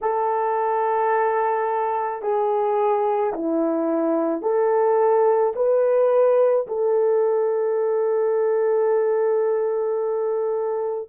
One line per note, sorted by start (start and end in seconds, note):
0.01 2.22 A4
2.22 3.33 G#4
3.33 4.41 E4
4.41 5.53 A4
5.55 6.66 B4
6.67 11.09 A4